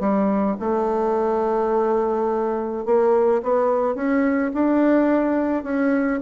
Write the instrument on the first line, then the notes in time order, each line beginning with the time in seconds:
bassoon
0.00 G3
0.60 A3
2.85 A#3
3.43 B3
3.95 C#4
4.54 D4
5.63 C#4